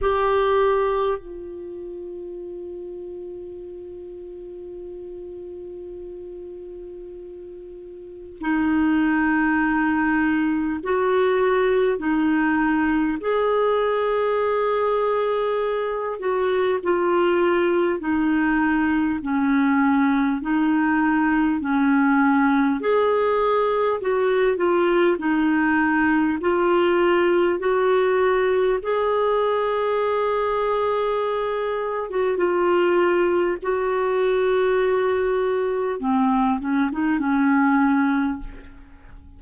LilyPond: \new Staff \with { instrumentName = "clarinet" } { \time 4/4 \tempo 4 = 50 g'4 f'2.~ | f'2. dis'4~ | dis'4 fis'4 dis'4 gis'4~ | gis'4. fis'8 f'4 dis'4 |
cis'4 dis'4 cis'4 gis'4 | fis'8 f'8 dis'4 f'4 fis'4 | gis'2~ gis'8. fis'16 f'4 | fis'2 c'8 cis'16 dis'16 cis'4 | }